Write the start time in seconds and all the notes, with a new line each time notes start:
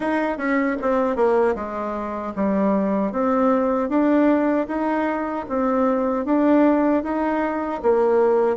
0.00 D#4
0.37 C#4
0.81 C4
1.15 A#3
1.55 G#3
2.35 G3
3.12 C4
3.89 D4
4.68 D#4
5.48 C4
6.25 D4
7.03 D#4
7.82 A#3